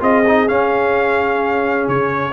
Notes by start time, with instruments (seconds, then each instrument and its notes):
0.00 tuba C4, trombone F4, horn G#4, trumpet D#5
0.27 trombone D#4
0.48 trombone C#4, tuba C#4, trumpet F5
1.88 tuba C#3, trumpet C#5